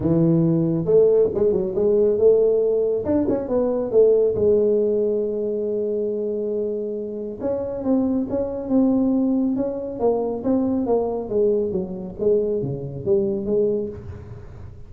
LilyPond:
\new Staff \with { instrumentName = "tuba" } { \time 4/4 \tempo 4 = 138 e2 a4 gis8 fis8 | gis4 a2 d'8 cis'8 | b4 a4 gis2~ | gis1~ |
gis4 cis'4 c'4 cis'4 | c'2 cis'4 ais4 | c'4 ais4 gis4 fis4 | gis4 cis4 g4 gis4 | }